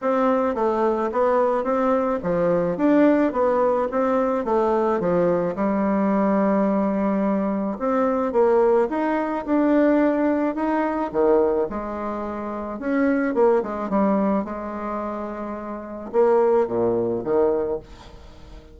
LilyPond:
\new Staff \with { instrumentName = "bassoon" } { \time 4/4 \tempo 4 = 108 c'4 a4 b4 c'4 | f4 d'4 b4 c'4 | a4 f4 g2~ | g2 c'4 ais4 |
dis'4 d'2 dis'4 | dis4 gis2 cis'4 | ais8 gis8 g4 gis2~ | gis4 ais4 ais,4 dis4 | }